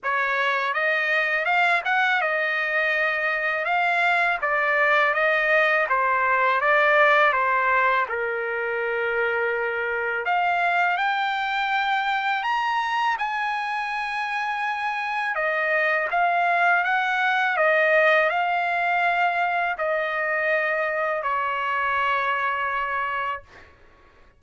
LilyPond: \new Staff \with { instrumentName = "trumpet" } { \time 4/4 \tempo 4 = 82 cis''4 dis''4 f''8 fis''8 dis''4~ | dis''4 f''4 d''4 dis''4 | c''4 d''4 c''4 ais'4~ | ais'2 f''4 g''4~ |
g''4 ais''4 gis''2~ | gis''4 dis''4 f''4 fis''4 | dis''4 f''2 dis''4~ | dis''4 cis''2. | }